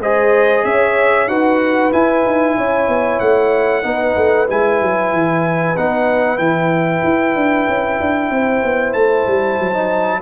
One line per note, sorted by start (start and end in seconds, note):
0.00 0.64 G#3
0.00 1.29 G#4
0.00 0.66 C5
0.00 0.65 D#5
0.65 1.28 C#4
0.65 1.30 C#5
0.65 1.29 E5
1.28 1.92 D#4
1.28 1.93 F#4
1.28 2.58 B4
1.28 1.92 F#5
1.93 3.84 E4
1.93 2.25 E4
1.93 3.20 G#5
2.26 2.58 D#4
2.58 2.88 C#4
2.58 3.86 C#5
2.88 3.20 B3
3.20 3.84 A3
3.20 4.48 F#5
3.84 4.16 B3
3.84 4.47 D#4
3.84 8.33 B4
4.17 4.49 A3
4.48 4.82 G#3
4.48 5.76 E4
4.48 5.77 G#5
4.82 5.13 F#3
5.13 5.77 E3
5.77 6.39 B3
5.77 6.39 D#4
5.77 6.38 F#5
6.38 7.03 E3
6.38 9.74 E4
6.38 8.93 G5
7.05 7.36 E4
7.36 7.68 D4
7.68 8.00 C#4
8.01 8.31 D4
8.31 8.63 C4
8.31 10.22 C5
8.64 8.95 B3
8.93 9.27 A3
8.93 10.21 A5
9.27 9.59 G3
9.60 10.22 F#3
9.74 10.22 D#4